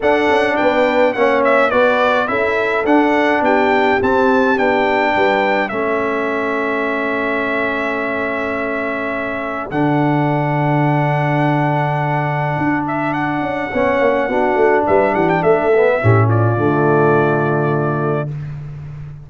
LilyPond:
<<
  \new Staff \with { instrumentName = "trumpet" } { \time 4/4 \tempo 4 = 105 fis''4 g''4 fis''8 e''8 d''4 | e''4 fis''4 g''4 a''4 | g''2 e''2~ | e''1~ |
e''4 fis''2.~ | fis''2~ fis''8 e''8 fis''4~ | fis''2 e''8 fis''16 g''16 e''4~ | e''8 d''2.~ d''8 | }
  \new Staff \with { instrumentName = "horn" } { \time 4/4 a'4 b'4 cis''4 b'4 | a'2 g'2~ | g'4 b'4 a'2~ | a'1~ |
a'1~ | a'1 | cis''4 fis'4 b'8 g'8 a'4 | g'8 f'2.~ f'8 | }
  \new Staff \with { instrumentName = "trombone" } { \time 4/4 d'2 cis'4 fis'4 | e'4 d'2 c'4 | d'2 cis'2~ | cis'1~ |
cis'4 d'2.~ | d'1 | cis'4 d'2~ d'8 b8 | cis'4 a2. | }
  \new Staff \with { instrumentName = "tuba" } { \time 4/4 d'8 cis'8 b4 ais4 b4 | cis'4 d'4 b4 c'4 | b4 g4 a2~ | a1~ |
a4 d2.~ | d2 d'4. cis'8 | b8 ais8 b8 a8 g8 e8 a4 | a,4 d2. | }
>>